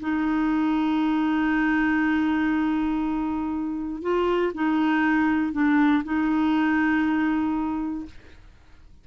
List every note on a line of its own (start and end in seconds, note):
0.00 4.02 D#4
4.02 4.52 F4
4.54 5.52 D#4
5.52 6.03 D4
6.04 8.05 D#4